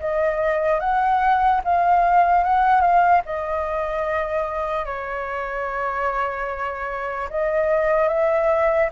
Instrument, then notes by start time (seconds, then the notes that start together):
flute
0.00 D#5
0.80 F#5
1.64 F5
2.44 F#5
2.81 F5
3.25 D#5
4.86 C#5
7.30 D#5
8.08 E5